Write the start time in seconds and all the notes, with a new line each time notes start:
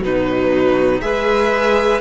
0.00 B2 F#3 D#4 B4
1.00 G#3 G#4 B4 E5